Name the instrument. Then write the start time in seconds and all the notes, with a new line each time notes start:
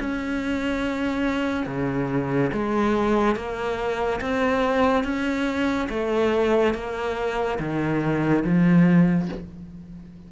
cello
0.00 C#4
1.66 C#3
2.53 G#3
3.36 A#3
4.21 C4
5.04 C#4
5.90 A3
6.74 A#3
7.59 D#3
8.44 F3